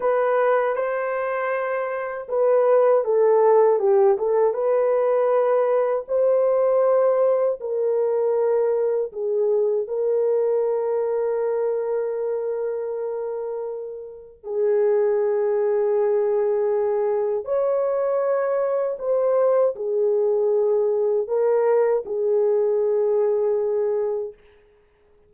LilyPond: \new Staff \with { instrumentName = "horn" } { \time 4/4 \tempo 4 = 79 b'4 c''2 b'4 | a'4 g'8 a'8 b'2 | c''2 ais'2 | gis'4 ais'2.~ |
ais'2. gis'4~ | gis'2. cis''4~ | cis''4 c''4 gis'2 | ais'4 gis'2. | }